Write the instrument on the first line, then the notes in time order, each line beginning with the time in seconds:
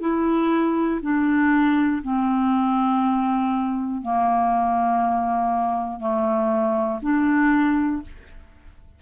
clarinet
0.00 E4
1.02 D4
2.03 C4
4.01 A#3
6.00 A3
7.02 D4